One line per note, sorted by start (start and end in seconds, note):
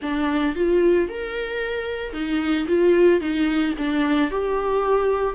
0.02 0.55 D4
0.55 1.08 F4
1.08 2.13 A#4
2.13 2.66 D#4
2.67 3.20 F4
3.20 3.74 D#4
3.78 4.30 D4
4.30 5.34 G4